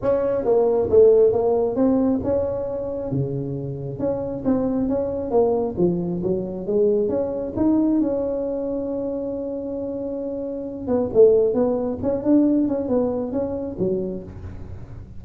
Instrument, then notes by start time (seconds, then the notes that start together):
tuba
0.01 C#4
0.44 A#3
0.90 A3
1.32 A#3
1.75 C4
2.23 C#4
3.11 C#3
3.99 C#4
4.44 C4
4.88 C#4
5.31 A#3
5.77 F3
6.22 F#3
6.66 G#3
7.08 C#4
7.56 D#4
8.01 C#4
10.87 B3
11.13 A3
11.54 B3
12.02 C#4
12.23 D4
12.67 C#4
12.88 B3
13.32 C#4
13.78 F#3